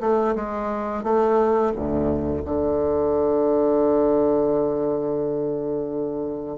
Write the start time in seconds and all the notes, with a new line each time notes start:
0.00 A3
0.35 G#3
1.03 A3
1.75 D2
2.45 D3